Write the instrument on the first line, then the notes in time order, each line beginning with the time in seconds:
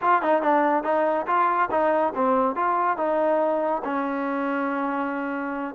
trombone
0.01 F4
0.21 D#4
0.42 D4
0.83 D#4
1.26 F4
1.70 D#4
2.15 C4
2.55 F4
2.97 D#4
3.84 C#4